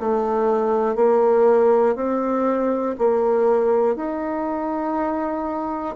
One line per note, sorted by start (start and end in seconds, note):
0.00 0.96 A3
0.96 1.96 A#3
1.96 2.96 C4
2.98 3.96 A#3
3.96 5.96 D#4